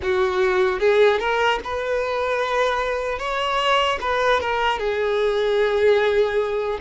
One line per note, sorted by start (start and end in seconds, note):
0.02 0.79 F#4
0.79 1.19 G#4
1.19 1.59 A#4
1.64 3.19 B4
3.19 3.99 C#5
4.00 4.40 B4
4.40 4.79 A#4
4.79 6.79 G#4